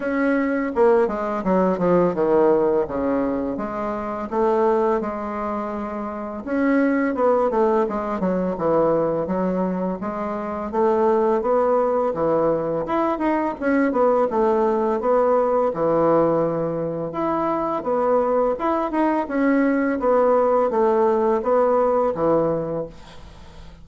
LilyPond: \new Staff \with { instrumentName = "bassoon" } { \time 4/4 \tempo 4 = 84 cis'4 ais8 gis8 fis8 f8 dis4 | cis4 gis4 a4 gis4~ | gis4 cis'4 b8 a8 gis8 fis8 | e4 fis4 gis4 a4 |
b4 e4 e'8 dis'8 cis'8 b8 | a4 b4 e2 | e'4 b4 e'8 dis'8 cis'4 | b4 a4 b4 e4 | }